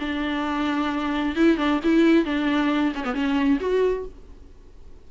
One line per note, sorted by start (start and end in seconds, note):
0.00 1.36 D4
1.36 1.57 E4
1.57 1.80 D4
1.84 2.25 E4
2.25 2.93 D4
2.95 3.05 C#4
3.05 3.14 B3
3.14 3.60 C#4
3.60 4.06 F#4